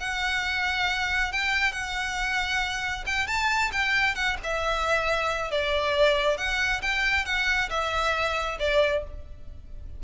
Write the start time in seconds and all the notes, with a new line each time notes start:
0.00 F#5
1.32 G5
1.72 F#5
3.07 G5
3.27 A5
3.72 G5
4.15 F#5
4.44 E5
5.51 D5
6.37 F#5
6.82 G5
7.26 F#5
7.70 E5
8.59 D5